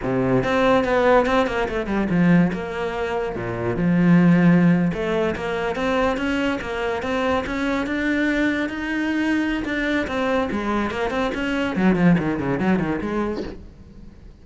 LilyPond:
\new Staff \with { instrumentName = "cello" } { \time 4/4 \tempo 4 = 143 c4 c'4 b4 c'8 ais8 | a8 g8 f4 ais2 | ais,4 f2~ f8. a16~ | a8. ais4 c'4 cis'4 ais16~ |
ais8. c'4 cis'4 d'4~ d'16~ | d'8. dis'2~ dis'16 d'4 | c'4 gis4 ais8 c'8 cis'4 | fis8 f8 dis8 cis8 fis8 dis8 gis4 | }